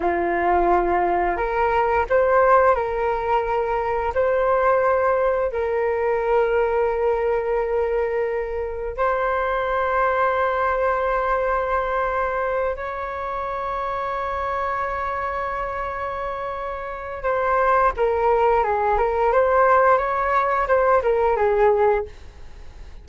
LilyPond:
\new Staff \with { instrumentName = "flute" } { \time 4/4 \tempo 4 = 87 f'2 ais'4 c''4 | ais'2 c''2 | ais'1~ | ais'4 c''2.~ |
c''2~ c''8 cis''4.~ | cis''1~ | cis''4 c''4 ais'4 gis'8 ais'8 | c''4 cis''4 c''8 ais'8 gis'4 | }